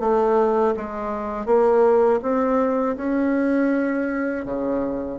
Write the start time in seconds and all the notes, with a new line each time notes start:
0.00 A3
0.76 G#3
1.46 A#3
2.22 C4
2.97 C#4
4.45 C#3